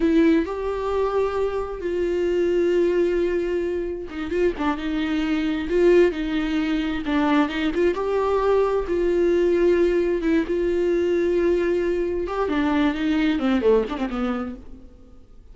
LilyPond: \new Staff \with { instrumentName = "viola" } { \time 4/4 \tempo 4 = 132 e'4 g'2. | f'1~ | f'4 dis'8 f'8 d'8 dis'4.~ | dis'8 f'4 dis'2 d'8~ |
d'8 dis'8 f'8 g'2 f'8~ | f'2~ f'8 e'8 f'4~ | f'2. g'8 d'8~ | d'8 dis'4 c'8 a8 d'16 c'16 b4 | }